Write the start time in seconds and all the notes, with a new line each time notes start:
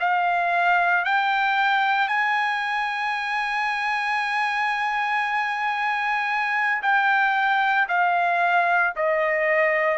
0.00 F5
1.05 G5
2.09 G#5
6.83 G5
7.89 F5
8.96 D#5